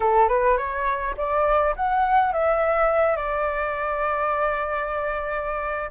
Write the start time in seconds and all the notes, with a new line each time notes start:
0.00 A4
0.28 B4
0.57 C#5
1.17 D5
1.75 F#5
2.32 E5
3.16 D5